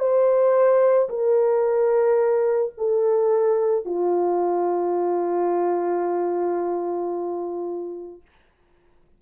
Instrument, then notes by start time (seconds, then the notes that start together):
horn
0.00 C5
1.10 A#4
2.78 A4
3.86 F4